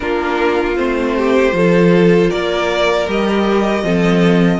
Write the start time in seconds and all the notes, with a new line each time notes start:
0.00 A#3 D4 F4 A#4
0.76 A3 C4 C5
1.17 G4
1.50 F3 F4 A4
2.30 A#3 A#4 D5
3.07 G3 G4 D#5
3.83 F3 C4 A4